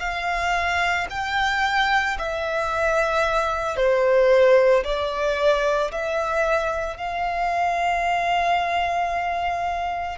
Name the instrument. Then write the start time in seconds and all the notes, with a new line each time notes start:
violin
0.00 F5
1.11 G5
2.19 E5
3.77 C5
4.85 D5
5.92 E5
6.97 F5